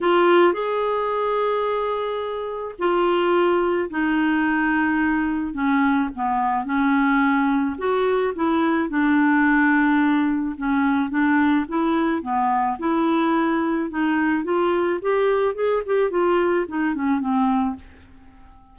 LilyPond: \new Staff \with { instrumentName = "clarinet" } { \time 4/4 \tempo 4 = 108 f'4 gis'2.~ | gis'4 f'2 dis'4~ | dis'2 cis'4 b4 | cis'2 fis'4 e'4 |
d'2. cis'4 | d'4 e'4 b4 e'4~ | e'4 dis'4 f'4 g'4 | gis'8 g'8 f'4 dis'8 cis'8 c'4 | }